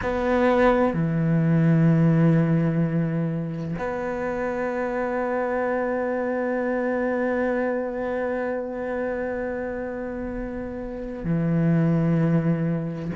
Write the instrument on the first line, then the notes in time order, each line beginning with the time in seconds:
cello
0.02 B3
0.93 E3
3.78 B3
11.24 E3